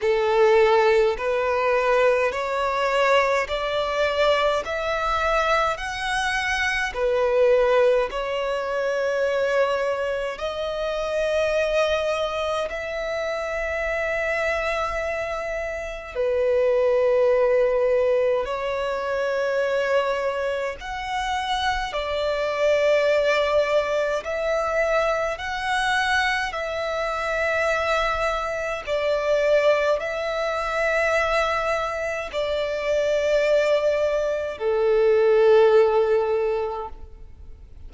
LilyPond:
\new Staff \with { instrumentName = "violin" } { \time 4/4 \tempo 4 = 52 a'4 b'4 cis''4 d''4 | e''4 fis''4 b'4 cis''4~ | cis''4 dis''2 e''4~ | e''2 b'2 |
cis''2 fis''4 d''4~ | d''4 e''4 fis''4 e''4~ | e''4 d''4 e''2 | d''2 a'2 | }